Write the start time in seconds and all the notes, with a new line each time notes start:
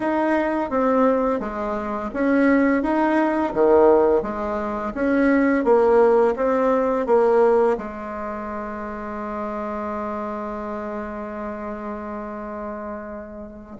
0.00 D#4
0.70 C4
1.39 G#3
2.13 C#4
2.82 D#4
3.53 D#3
4.22 G#3
4.94 C#4
5.64 A#3
6.36 C4
7.06 A#3
7.77 G#3